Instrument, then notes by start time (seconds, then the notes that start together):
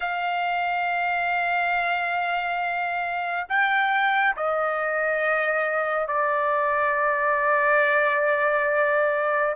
trumpet
0.00 F5
3.48 G5
4.36 D#5
6.07 D5